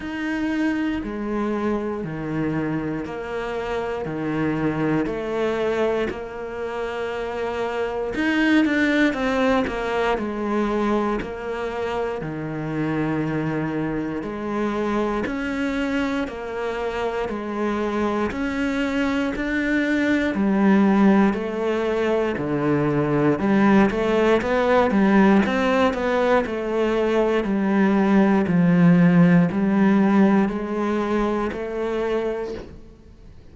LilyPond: \new Staff \with { instrumentName = "cello" } { \time 4/4 \tempo 4 = 59 dis'4 gis4 dis4 ais4 | dis4 a4 ais2 | dis'8 d'8 c'8 ais8 gis4 ais4 | dis2 gis4 cis'4 |
ais4 gis4 cis'4 d'4 | g4 a4 d4 g8 a8 | b8 g8 c'8 b8 a4 g4 | f4 g4 gis4 a4 | }